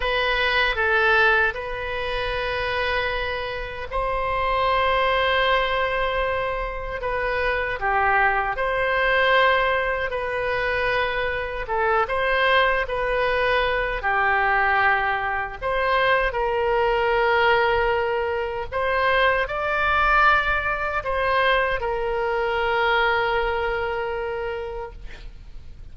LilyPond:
\new Staff \with { instrumentName = "oboe" } { \time 4/4 \tempo 4 = 77 b'4 a'4 b'2~ | b'4 c''2.~ | c''4 b'4 g'4 c''4~ | c''4 b'2 a'8 c''8~ |
c''8 b'4. g'2 | c''4 ais'2. | c''4 d''2 c''4 | ais'1 | }